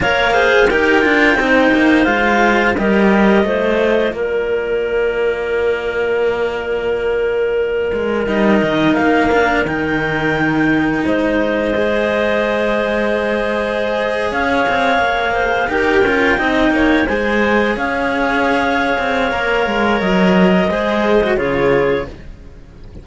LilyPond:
<<
  \new Staff \with { instrumentName = "clarinet" } { \time 4/4 \tempo 4 = 87 f''4 g''2 f''4 | dis''2 d''2~ | d''1 | dis''4 f''4 g''2 |
dis''1~ | dis''8. f''2 g''4~ g''16~ | g''8. gis''4 f''2~ f''16~ | f''4 dis''2 cis''4 | }
  \new Staff \with { instrumentName = "clarinet" } { \time 4/4 cis''8 c''8 ais'4 c''2 | ais'4 c''4 ais'2~ | ais'1~ | ais'1 |
c''1~ | c''8. cis''4. c''8 ais'4 dis''16~ | dis''16 cis''8 c''4 cis''2~ cis''16~ | cis''2 c''4 gis'4 | }
  \new Staff \with { instrumentName = "cello" } { \time 4/4 ais'8 gis'8 g'8 f'8 dis'4 f'4 | g'4 f'2.~ | f'1 | dis'4. d'8 dis'2~ |
dis'4 gis'2.~ | gis'2~ gis'8. g'8 f'8 dis'16~ | dis'8. gis'2.~ gis'16 | ais'2 gis'8. fis'16 f'4 | }
  \new Staff \with { instrumentName = "cello" } { \time 4/4 ais4 dis'8 d'8 c'8 ais8 gis4 | g4 a4 ais2~ | ais2.~ ais8 gis8 | g8 dis8 ais4 dis2 |
gis1~ | gis8. cis'8 c'8 ais4 dis'8 cis'8 c'16~ | c'16 ais8 gis4 cis'4.~ cis'16 c'8 | ais8 gis8 fis4 gis4 cis4 | }
>>